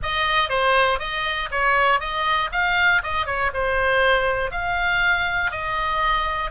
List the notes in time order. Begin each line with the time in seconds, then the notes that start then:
0.02 D#5
0.49 C5
0.99 D#5
1.51 C#5
2.00 D#5
2.52 F5
3.02 D#5
3.26 C#5
3.53 C5
4.51 F5
5.51 D#5